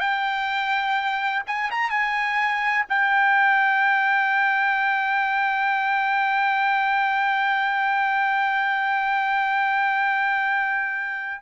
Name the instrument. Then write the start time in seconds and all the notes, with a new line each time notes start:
trumpet
0.00 G5
1.47 G#5
1.71 A#5
1.90 G#5
2.89 G5